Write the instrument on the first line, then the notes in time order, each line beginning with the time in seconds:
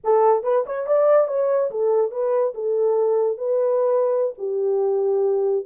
horn
0.04 A4
0.43 B4
0.66 C#5
0.86 D5
1.27 C#5
1.70 A4
2.11 B4
2.54 A4
3.37 B4
4.38 G4